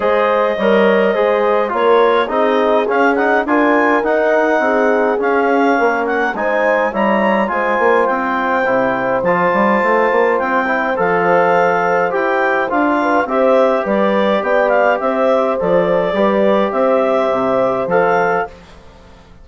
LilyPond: <<
  \new Staff \with { instrumentName = "clarinet" } { \time 4/4 \tempo 4 = 104 dis''2. cis''4 | dis''4 f''8 fis''8 gis''4 fis''4~ | fis''4 f''4. fis''8 gis''4 | ais''4 gis''4 g''2 |
a''2 g''4 f''4~ | f''4 g''4 f''4 e''4 | d''4 g''8 f''8 e''4 d''4~ | d''4 e''2 f''4 | }
  \new Staff \with { instrumentName = "horn" } { \time 4/4 c''4 cis''4 c''4 ais'4 | gis'2 ais'2 | gis'2 ais'4 c''4 | cis''4 c''2.~ |
c''1~ | c''2~ c''8 b'8 c''4 | b'4 d''4 c''2 | b'4 c''2. | }
  \new Staff \with { instrumentName = "trombone" } { \time 4/4 gis'4 ais'4 gis'4 f'4 | dis'4 cis'8 dis'8 f'4 dis'4~ | dis'4 cis'2 dis'4 | e'4 f'2 e'4 |
f'2~ f'8 e'8 a'4~ | a'4 g'4 f'4 g'4~ | g'2. a'4 | g'2. a'4 | }
  \new Staff \with { instrumentName = "bassoon" } { \time 4/4 gis4 g4 gis4 ais4 | c'4 cis'4 d'4 dis'4 | c'4 cis'4 ais4 gis4 | g4 gis8 ais8 c'4 c4 |
f8 g8 a8 ais8 c'4 f4~ | f4 e'4 d'4 c'4 | g4 b4 c'4 f4 | g4 c'4 c4 f4 | }
>>